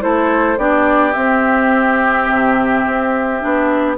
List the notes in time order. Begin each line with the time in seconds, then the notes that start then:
0.00 A3 E4 A4 C5
0.57 B3 D4 G4 D5
1.12 C4 E5
2.29 C3
2.86 C4
3.40 B3 D4